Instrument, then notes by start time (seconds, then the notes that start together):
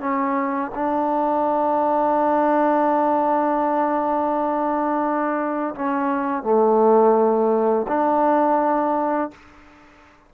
trombone
0.00 C#4
0.75 D4
5.75 C#4
6.43 A3
7.88 D4